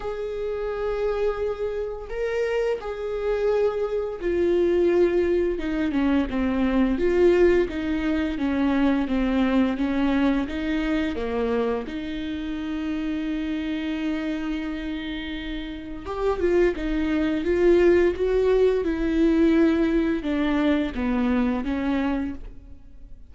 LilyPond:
\new Staff \with { instrumentName = "viola" } { \time 4/4 \tempo 4 = 86 gis'2. ais'4 | gis'2 f'2 | dis'8 cis'8 c'4 f'4 dis'4 | cis'4 c'4 cis'4 dis'4 |
ais4 dis'2.~ | dis'2. g'8 f'8 | dis'4 f'4 fis'4 e'4~ | e'4 d'4 b4 cis'4 | }